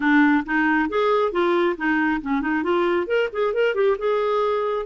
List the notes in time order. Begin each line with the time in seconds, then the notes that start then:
0.00 D4
0.45 D#4
0.89 G#4
1.32 F4
1.77 D#4
2.21 C#4
2.41 D#4
2.63 F4
3.06 A#4
3.32 G#4
3.53 A#4
3.74 G4
3.98 G#4